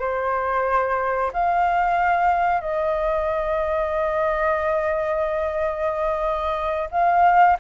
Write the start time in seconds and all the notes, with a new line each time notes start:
0.00 C5
1.34 F5
2.61 D#5
6.91 F5